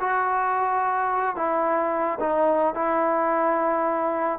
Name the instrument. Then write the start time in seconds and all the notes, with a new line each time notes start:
trombone
0.00 F#4
1.36 E4
2.20 D#4
2.74 E4